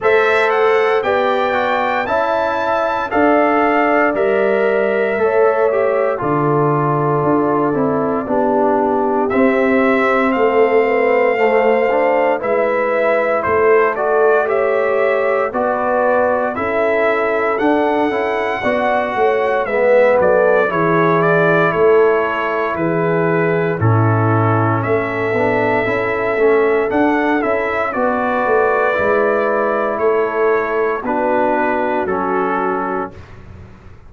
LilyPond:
<<
  \new Staff \with { instrumentName = "trumpet" } { \time 4/4 \tempo 4 = 58 e''8 fis''8 g''4 a''4 f''4 | e''2 d''2~ | d''4 e''4 f''2 | e''4 c''8 d''8 e''4 d''4 |
e''4 fis''2 e''8 d''8 | cis''8 d''8 cis''4 b'4 a'4 | e''2 fis''8 e''8 d''4~ | d''4 cis''4 b'4 a'4 | }
  \new Staff \with { instrumentName = "horn" } { \time 4/4 c''4 d''4 e''4 d''4~ | d''4 cis''4 a'2 | g'2 a'8 b'8 c''4 | b'4 a'4 cis''4 b'4 |
a'2 d''8 cis''8 b'8 a'8 | gis'4 a'4 gis'4 e'4 | a'2. b'4~ | b'4 a'4 fis'2 | }
  \new Staff \with { instrumentName = "trombone" } { \time 4/4 a'4 g'8 fis'8 e'4 a'4 | ais'4 a'8 g'8 f'4. e'8 | d'4 c'2 a8 d'8 | e'4. fis'8 g'4 fis'4 |
e'4 d'8 e'8 fis'4 b4 | e'2. cis'4~ | cis'8 d'8 e'8 cis'8 d'8 e'8 fis'4 | e'2 d'4 cis'4 | }
  \new Staff \with { instrumentName = "tuba" } { \time 4/4 a4 b4 cis'4 d'4 | g4 a4 d4 d'8 c'8 | b4 c'4 a2 | gis4 a2 b4 |
cis'4 d'8 cis'8 b8 a8 gis8 fis8 | e4 a4 e4 a,4 | a8 b8 cis'8 a8 d'8 cis'8 b8 a8 | gis4 a4 b4 fis4 | }
>>